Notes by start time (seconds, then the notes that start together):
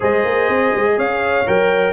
0.00 G#3 G#4 C5 D#5
0.24 A#3
0.49 C4
0.75 G#3
0.97 C#4 C#5 F5
1.46 F#3 A#4 G5